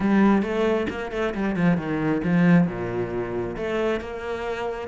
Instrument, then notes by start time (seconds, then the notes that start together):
cello
0.00 G3
0.42 A3
0.89 A#3
1.11 A3
1.34 G3
1.56 F3
1.77 D#3
2.23 F3
2.67 A#2
3.57 A3
4.00 A#3